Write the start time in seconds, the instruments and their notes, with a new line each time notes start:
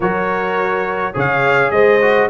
0.00 tuba F#3, trombone F#4, horn A#4, trumpet C#5
1.13 tuba C#3, trombone G#4, horn C#5, trumpet F5
1.71 tuba G#3, horn C5, trumpet D#5
2.01 trombone F#4